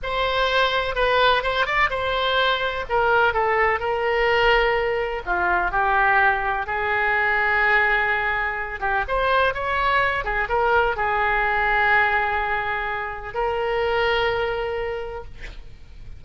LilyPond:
\new Staff \with { instrumentName = "oboe" } { \time 4/4 \tempo 4 = 126 c''2 b'4 c''8 d''8 | c''2 ais'4 a'4 | ais'2. f'4 | g'2 gis'2~ |
gis'2~ gis'8 g'8 c''4 | cis''4. gis'8 ais'4 gis'4~ | gis'1 | ais'1 | }